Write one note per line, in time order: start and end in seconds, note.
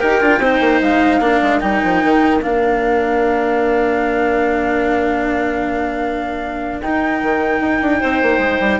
0.00 0.21 D#4
0.00 0.21 G4
0.00 0.40 A#4
0.00 0.80 G5
0.21 0.39 D4
0.21 0.41 F4
0.39 0.59 C4
0.39 1.21 D#4
0.39 1.20 C5
0.60 0.80 A#3
0.81 1.19 G#3
0.81 1.60 F5
1.19 1.39 A#3
1.19 1.60 D4
1.19 8.00 A#4
1.42 1.62 G#3
1.60 1.82 G3
1.60 2.40 D#4
1.60 2.40 G5
1.83 2.03 F3
2.03 2.42 D#3
2.42 6.81 A#3
2.42 6.82 D4
2.42 6.81 F5
6.81 7.21 D#4
6.81 8.80 D#4
6.81 8.80 G5
7.22 7.60 D#3
7.60 7.80 D#4
7.82 8.02 D4
8.00 8.22 C4
8.00 8.80 C5
8.22 8.38 A#3
8.38 8.58 G#3
8.60 8.80 G3